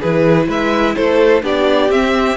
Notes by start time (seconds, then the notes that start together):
0.00 E3 E4 G#4 B4
0.48 G#3 B4 E5
0.96 A3 A4 C5
1.43 B3 D4 G4 D5
1.90 C4 E5